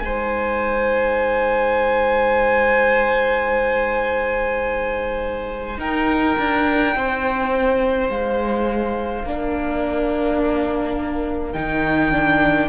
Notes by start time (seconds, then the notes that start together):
0.00 G#3 D#4 C5 G#5
5.78 D#4 A#4 G5
6.38 D4
6.95 C4 C5
8.09 G#3 F5
9.24 A#3 D4 A#4
11.53 D#3 D#4 G5
12.12 D4